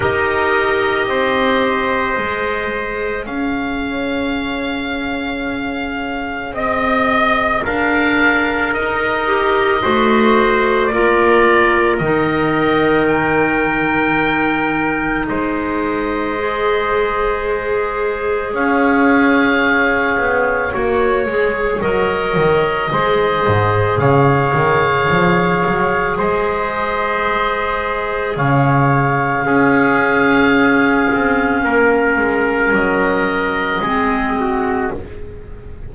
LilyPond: <<
  \new Staff \with { instrumentName = "oboe" } { \time 4/4 \tempo 4 = 55 dis''2. f''4~ | f''2 dis''4 f''4 | dis''2 d''4 dis''4 | g''2 dis''2~ |
dis''4 f''2 cis''4 | dis''2 f''2 | dis''2 f''2~ | f''2 dis''2 | }
  \new Staff \with { instrumentName = "trumpet" } { \time 4/4 ais'4 c''2 cis''4~ | cis''2 dis''4 ais'4~ | ais'4 c''4 ais'2~ | ais'2 c''2~ |
c''4 cis''2.~ | cis''4 c''4 cis''2 | c''2 cis''4 gis'4~ | gis'4 ais'2 gis'8 fis'8 | }
  \new Staff \with { instrumentName = "clarinet" } { \time 4/4 g'2 gis'2~ | gis'1~ | gis'8 g'8 fis'4 f'4 dis'4~ | dis'2. gis'4~ |
gis'2. fis'8 gis'8 | ais'4 gis'2.~ | gis'2. cis'4~ | cis'2. c'4 | }
  \new Staff \with { instrumentName = "double bass" } { \time 4/4 dis'4 c'4 gis4 cis'4~ | cis'2 c'4 d'4 | dis'4 a4 ais4 dis4~ | dis2 gis2~ |
gis4 cis'4. b8 ais8 gis8 | fis8 dis8 gis8 gis,8 cis8 dis8 f8 fis8 | gis2 cis4 cis'4~ | cis'8 c'8 ais8 gis8 fis4 gis4 | }
>>